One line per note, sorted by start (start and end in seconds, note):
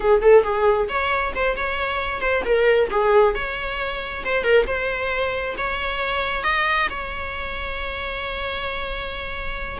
0.00 0.21 G#4
0.21 0.43 A4
0.43 0.87 G#4
0.88 1.33 C#5
1.35 1.56 C5
1.56 2.21 C#5
2.21 2.43 C5
2.44 2.89 A#4
2.90 3.34 G#4
3.35 4.23 C#5
4.24 4.43 C5
4.43 4.65 A#4
4.66 5.55 C5
5.57 6.43 C#5
6.43 6.88 D#5
6.90 9.79 C#5